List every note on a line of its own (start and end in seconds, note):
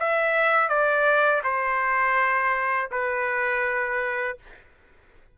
0.00 0.69 E5
0.69 1.42 D5
1.44 2.90 C5
2.92 4.38 B4